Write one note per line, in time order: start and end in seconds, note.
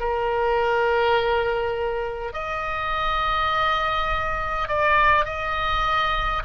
0.00 2.33 A#4
2.33 4.68 D#5
4.68 5.25 D5
5.25 6.43 D#5